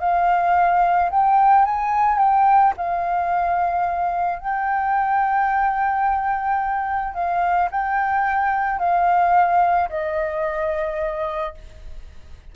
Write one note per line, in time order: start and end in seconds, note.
0.00 1.10 F5
1.10 1.65 G5
1.65 2.18 G#5
2.18 2.73 G5
2.77 4.39 F5
4.39 7.14 G5
7.14 7.69 F5
7.71 8.79 G5
8.79 9.89 F5
9.89 11.54 D#5